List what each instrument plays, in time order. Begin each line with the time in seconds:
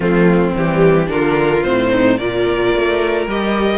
0.00 cello F3, viola A3, violin C4 F4
0.56 cello E3, viola G3, violin G4
1.06 cello D3, viola D4, violin F4 A#4
1.63 cello A2, viola C4, violin C5
1.90 violin D#4
2.17 cello A#2, viola F4, violin A#4 D5
2.74 cello A3
3.26 cello G3, viola G4, violin D#5